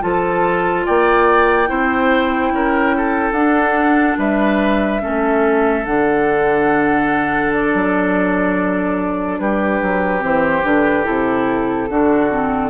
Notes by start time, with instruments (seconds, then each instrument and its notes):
0.00 bassoon F3, clarinet F4, oboe A4, flute A5
0.85 bassoon A#3, oboe D5, flute G5
1.66 bassoon C4, clarinet E4, oboe C5
2.50 bassoon C#4, oboe A#4
2.97 oboe A4
3.31 bassoon D4, clarinet D4, flute F#5
4.18 bassoon G3, oboe B4, flute E5
5.01 bassoon A3, clarinet C#4, oboe A4
5.85 bassoon D3, clarinet D4, flute F#5
7.52 flute D5
7.73 bassoon F#3
9.39 bassoon G3, oboe G4, flute B4
9.81 bassoon F#3
10.19 bassoon E3, clarinet C4, flute C5
10.63 bassoon D3, clarinet D4, flute B4
11.04 bassoon C3, clarinet E4, flute A4
11.89 bassoon D3, clarinet D4, oboe F#4
12.30 clarinet C4